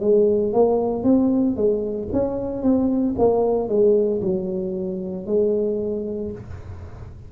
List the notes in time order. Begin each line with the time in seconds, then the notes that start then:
0.00 G#3
0.53 A#3
1.03 C4
1.56 G#3
2.12 C#4
2.62 C4
3.18 A#3
3.68 G#3
4.21 F#3
5.26 G#3